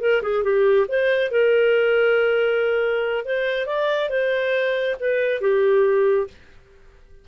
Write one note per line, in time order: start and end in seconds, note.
0.00 0.22 A#4
0.22 0.43 G#4
0.43 0.86 G4
0.88 1.31 C5
1.31 3.25 A#4
3.25 3.66 C5
3.66 4.09 D5
4.09 4.96 C5
5.00 5.41 B4
5.41 6.27 G4